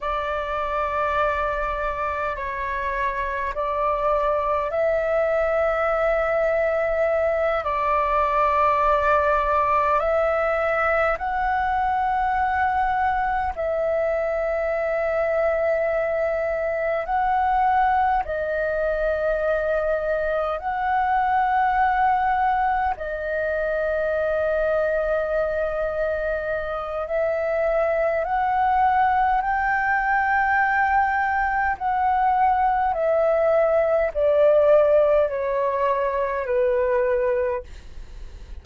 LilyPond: \new Staff \with { instrumentName = "flute" } { \time 4/4 \tempo 4 = 51 d''2 cis''4 d''4 | e''2~ e''8 d''4.~ | d''8 e''4 fis''2 e''8~ | e''2~ e''8 fis''4 dis''8~ |
dis''4. fis''2 dis''8~ | dis''2. e''4 | fis''4 g''2 fis''4 | e''4 d''4 cis''4 b'4 | }